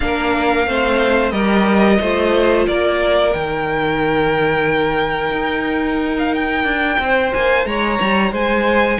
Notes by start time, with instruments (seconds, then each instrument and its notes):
0.00 cello A#3, viola D4, violin A#4 F5
0.67 cello A3, viola C4, violin C5
1.30 cello G3, viola G4, violin A#4 D#5
2.00 cello A3, viola F4, violin C5
2.67 cello A#3, violin A#4 D5
3.31 cello D#3, viola D#4, violin G5
5.31 cello D#4
6.18 violin F5
6.35 violin G5
6.64 cello D4
6.98 cello C4, violin C5
7.33 cello A#3, violin G#5
7.65 cello G#3, violin C#5 A#5
8.01 cello G3
8.31 cello G#3, violin C5 G#5